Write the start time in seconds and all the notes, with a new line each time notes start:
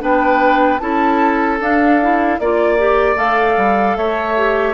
0.00 B3 D4 B4 G5
0.79 C#4 E4 A4 A5
1.60 D4 F5
2.01 E4
2.39 A#3 F4 D5
2.78 G4
3.16 A3 A4 F5
3.57 G3
3.97 A3 C#5 E5
4.37 G4